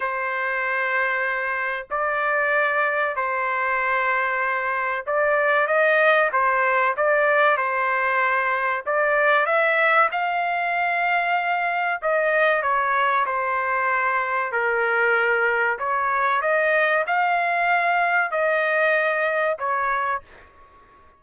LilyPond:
\new Staff \with { instrumentName = "trumpet" } { \time 4/4 \tempo 4 = 95 c''2. d''4~ | d''4 c''2. | d''4 dis''4 c''4 d''4 | c''2 d''4 e''4 |
f''2. dis''4 | cis''4 c''2 ais'4~ | ais'4 cis''4 dis''4 f''4~ | f''4 dis''2 cis''4 | }